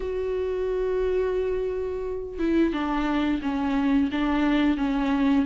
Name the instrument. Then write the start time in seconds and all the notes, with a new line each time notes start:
viola
0.00 F#4
2.38 E4
2.72 D4
3.42 C#4
4.11 D4
4.77 C#4